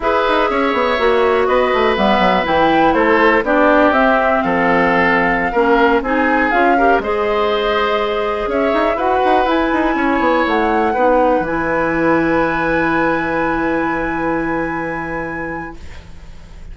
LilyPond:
<<
  \new Staff \with { instrumentName = "flute" } { \time 4/4 \tempo 4 = 122 e''2. dis''4 | e''4 g''4 c''4 d''4 | e''4 f''2.~ | f''16 gis''4 f''4 dis''4.~ dis''16~ |
dis''4~ dis''16 e''4 fis''4 gis''8.~ | gis''4~ gis''16 fis''2 gis''8.~ | gis''1~ | gis''1 | }
  \new Staff \with { instrumentName = "oboe" } { \time 4/4 b'4 cis''2 b'4~ | b'2 a'4 g'4~ | g'4 a'2~ a'16 ais'8.~ | ais'16 gis'4. ais'8 c''4.~ c''16~ |
c''4~ c''16 cis''4 b'4.~ b'16~ | b'16 cis''2 b'4.~ b'16~ | b'1~ | b'1 | }
  \new Staff \with { instrumentName = "clarinet" } { \time 4/4 gis'2 fis'2 | b4 e'2 d'4 | c'2.~ c'16 cis'8.~ | cis'16 dis'4 f'8 g'8 gis'4.~ gis'16~ |
gis'2~ gis'16 fis'4 e'8.~ | e'2~ e'16 dis'4 e'8.~ | e'1~ | e'1 | }
  \new Staff \with { instrumentName = "bassoon" } { \time 4/4 e'8 dis'8 cis'8 b8 ais4 b8 a8 | g8 fis8 e4 a4 b4 | c'4 f2~ f16 ais8.~ | ais16 c'4 cis'4 gis4.~ gis16~ |
gis4~ gis16 cis'8 dis'8 e'8 dis'8 e'8 dis'16~ | dis'16 cis'8 b8 a4 b4 e8.~ | e1~ | e1 | }
>>